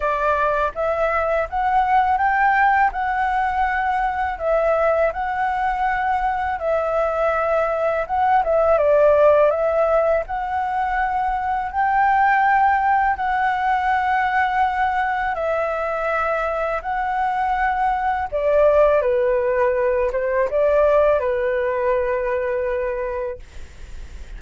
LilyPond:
\new Staff \with { instrumentName = "flute" } { \time 4/4 \tempo 4 = 82 d''4 e''4 fis''4 g''4 | fis''2 e''4 fis''4~ | fis''4 e''2 fis''8 e''8 | d''4 e''4 fis''2 |
g''2 fis''2~ | fis''4 e''2 fis''4~ | fis''4 d''4 b'4. c''8 | d''4 b'2. | }